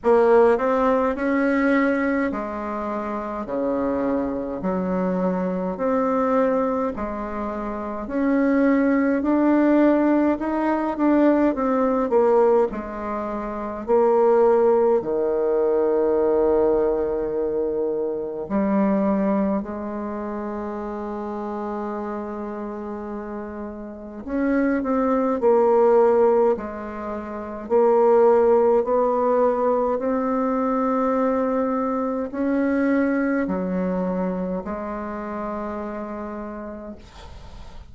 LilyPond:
\new Staff \with { instrumentName = "bassoon" } { \time 4/4 \tempo 4 = 52 ais8 c'8 cis'4 gis4 cis4 | fis4 c'4 gis4 cis'4 | d'4 dis'8 d'8 c'8 ais8 gis4 | ais4 dis2. |
g4 gis2.~ | gis4 cis'8 c'8 ais4 gis4 | ais4 b4 c'2 | cis'4 fis4 gis2 | }